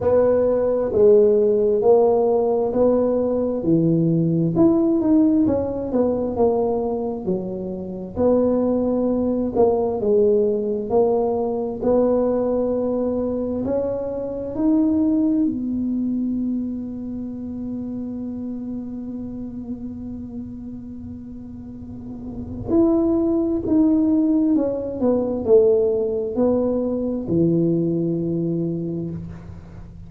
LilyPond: \new Staff \with { instrumentName = "tuba" } { \time 4/4 \tempo 4 = 66 b4 gis4 ais4 b4 | e4 e'8 dis'8 cis'8 b8 ais4 | fis4 b4. ais8 gis4 | ais4 b2 cis'4 |
dis'4 b2.~ | b1~ | b4 e'4 dis'4 cis'8 b8 | a4 b4 e2 | }